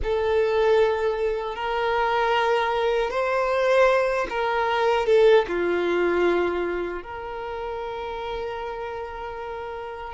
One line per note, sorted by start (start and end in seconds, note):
0.03 1.55 A4
1.55 3.10 A#4
3.10 4.27 C5
4.29 5.06 A#4
5.06 5.45 A4
5.48 7.02 F4
7.02 10.13 A#4